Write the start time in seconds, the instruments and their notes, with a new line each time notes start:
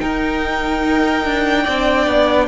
0.00 viola D#4, cello D#4, violin A#4 G5
1.25 cello D4
1.63 cello C4, viola D4, violin D5
2.07 cello B3